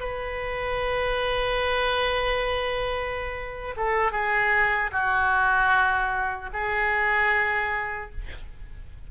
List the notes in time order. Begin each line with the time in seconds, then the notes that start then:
0.00 B4
3.77 A4
4.12 G#4
4.92 F#4
6.53 G#4